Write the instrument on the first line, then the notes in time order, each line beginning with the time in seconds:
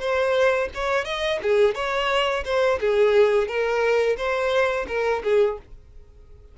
violin
0.00 C5
0.75 C#5
1.05 D#5
1.43 G#4
1.75 C#5
2.45 C5
2.81 G#4
3.48 A#4
4.17 C5
4.88 A#4
5.24 G#4